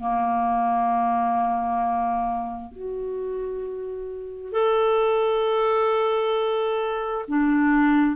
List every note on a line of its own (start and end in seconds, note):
0.00 2.72 A#3
2.72 4.52 F#4
4.52 7.25 A4
7.28 8.16 D4